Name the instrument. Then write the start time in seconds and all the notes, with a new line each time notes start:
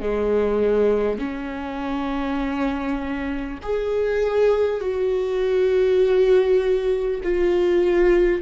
viola
0.00 G#3
1.18 C#4
3.62 G#4
4.80 F#4
7.23 F4